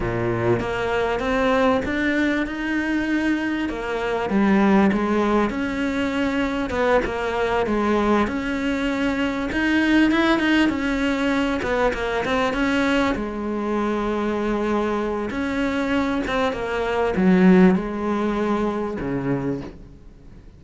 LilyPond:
\new Staff \with { instrumentName = "cello" } { \time 4/4 \tempo 4 = 98 ais,4 ais4 c'4 d'4 | dis'2 ais4 g4 | gis4 cis'2 b8 ais8~ | ais8 gis4 cis'2 dis'8~ |
dis'8 e'8 dis'8 cis'4. b8 ais8 | c'8 cis'4 gis2~ gis8~ | gis4 cis'4. c'8 ais4 | fis4 gis2 cis4 | }